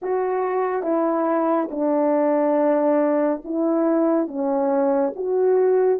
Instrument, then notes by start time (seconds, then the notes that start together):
horn
0.02 F#4
0.83 E4
1.70 D4
3.44 E4
4.27 C#4
5.15 F#4